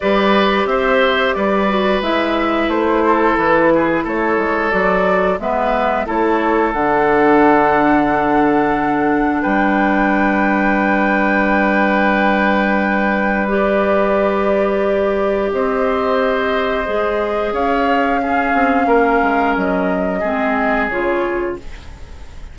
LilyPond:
<<
  \new Staff \with { instrumentName = "flute" } { \time 4/4 \tempo 4 = 89 d''4 e''4 d''4 e''4 | c''4 b'4 cis''4 d''4 | e''4 cis''4 fis''2~ | fis''2 g''2~ |
g''1 | d''2. dis''4~ | dis''2 f''2~ | f''4 dis''2 cis''4 | }
  \new Staff \with { instrumentName = "oboe" } { \time 4/4 b'4 c''4 b'2~ | b'8 a'4 gis'8 a'2 | b'4 a'2.~ | a'2 b'2~ |
b'1~ | b'2. c''4~ | c''2 cis''4 gis'4 | ais'2 gis'2 | }
  \new Staff \with { instrumentName = "clarinet" } { \time 4/4 g'2~ g'8 fis'8 e'4~ | e'2. fis'4 | b4 e'4 d'2~ | d'1~ |
d'1 | g'1~ | g'4 gis'2 cis'4~ | cis'2 c'4 f'4 | }
  \new Staff \with { instrumentName = "bassoon" } { \time 4/4 g4 c'4 g4 gis4 | a4 e4 a8 gis8 fis4 | gis4 a4 d2~ | d2 g2~ |
g1~ | g2. c'4~ | c'4 gis4 cis'4. c'8 | ais8 gis8 fis4 gis4 cis4 | }
>>